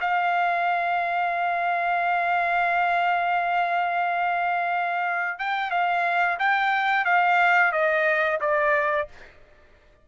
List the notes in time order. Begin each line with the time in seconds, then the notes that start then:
0.00 F5
5.38 G5
5.70 F5
6.39 G5
7.04 F5
7.72 D#5
8.40 D5